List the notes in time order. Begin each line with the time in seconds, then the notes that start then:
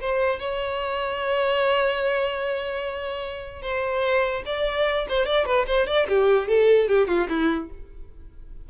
0.00 C5
0.39 C#5
3.62 C5
4.45 D5
5.08 C5
5.25 D5
5.45 B4
5.67 C5
5.86 D5
6.08 G4
6.48 A4
6.88 G4
7.07 F4
7.29 E4